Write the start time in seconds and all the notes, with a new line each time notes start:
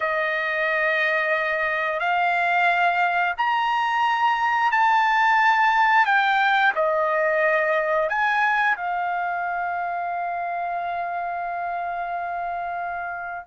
0.00 D#5
1.99 F5
3.37 A#5
4.71 A5
6.05 G5
6.75 D#5
8.09 G#5
8.76 F5